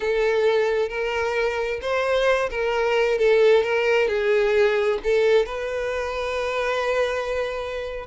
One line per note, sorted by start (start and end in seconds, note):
0.00 0.89 A4
0.89 1.80 A#4
1.81 2.49 C5
2.50 3.18 A#4
3.18 3.63 A4
3.63 4.08 A#4
4.08 4.99 G#4
5.03 5.45 A4
5.45 8.06 B4